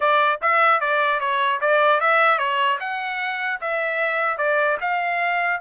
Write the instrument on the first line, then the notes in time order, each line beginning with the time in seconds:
trumpet
0.00 D5
0.41 E5
0.80 D5
1.20 C#5
1.60 D5
2.00 E5
2.38 C#5
2.79 F#5
3.61 E5
4.37 D5
4.80 F5